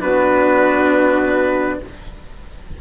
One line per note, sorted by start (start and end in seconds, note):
0.00 1.81 B3
0.00 1.79 D4
0.00 1.80 F#4
0.00 1.80 B4